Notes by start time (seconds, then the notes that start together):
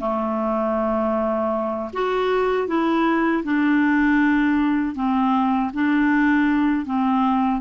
0.00 A3
1.93 F#4
2.68 E4
3.44 D4
4.96 C4
5.74 D4
6.86 C4